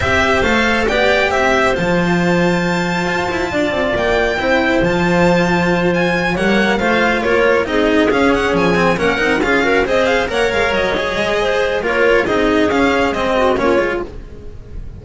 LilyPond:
<<
  \new Staff \with { instrumentName = "violin" } { \time 4/4 \tempo 4 = 137 e''4 f''4 g''4 e''4 | a''1~ | a''4 g''2 a''4~ | a''4. gis''4 fis''4 f''8~ |
f''8 cis''4 dis''4 f''8 fis''8 gis''8~ | gis''8 fis''4 f''4 dis''8 f''8 fis''8 | f''8 dis''2~ dis''8 cis''4 | dis''4 f''4 dis''4 cis''4 | }
  \new Staff \with { instrumentName = "clarinet" } { \time 4/4 c''2 d''4 c''4~ | c''1 | d''2 c''2~ | c''2~ c''8 cis''4 c''8~ |
c''8 ais'4 gis'2~ gis'8~ | gis'8 ais'4 gis'8 ais'8 c''4 cis''8~ | cis''2 c''4 ais'4 | gis'2~ gis'8 fis'8 f'4 | }
  \new Staff \with { instrumentName = "cello" } { \time 4/4 g'4 a'4 g'2 | f'1~ | f'2 e'4 f'4~ | f'2~ f'8 ais4 f'8~ |
f'4. dis'4 cis'4. | c'8 cis'8 dis'8 f'8 fis'8 gis'4 ais'8~ | ais'4 gis'2 f'4 | dis'4 cis'4 c'4 cis'8 f'8 | }
  \new Staff \with { instrumentName = "double bass" } { \time 4/4 c'4 a4 b4 c'4 | f2. f'8 e'8 | d'8 c'8 ais4 c'4 f4~ | f2~ f8 g4 a8~ |
a8 ais4 c'4 cis'4 f8~ | f8 ais8 c'8 cis'4 c'4 ais8 | gis8 fis4 gis4. ais4 | c'4 cis'4 gis4 ais8 gis8 | }
>>